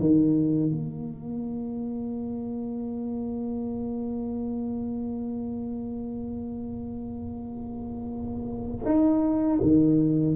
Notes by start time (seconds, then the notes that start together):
0.00 D#3
0.71 A#3
8.86 D#4
9.62 D#3